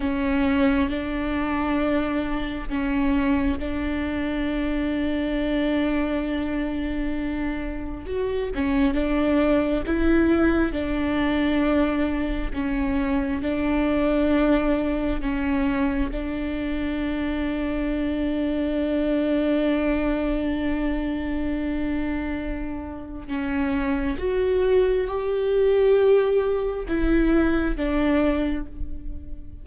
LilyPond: \new Staff \with { instrumentName = "viola" } { \time 4/4 \tempo 4 = 67 cis'4 d'2 cis'4 | d'1~ | d'4 fis'8 cis'8 d'4 e'4 | d'2 cis'4 d'4~ |
d'4 cis'4 d'2~ | d'1~ | d'2 cis'4 fis'4 | g'2 e'4 d'4 | }